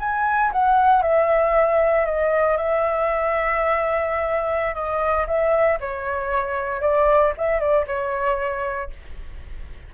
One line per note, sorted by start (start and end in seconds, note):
0.00 0.52 G#5
0.53 1.03 F#5
1.03 2.06 E5
2.06 2.57 D#5
2.57 4.75 E5
4.75 5.27 D#5
5.27 5.79 E5
5.80 6.82 C#5
6.82 7.33 D5
7.38 7.60 E5
7.60 7.86 D5
7.87 8.91 C#5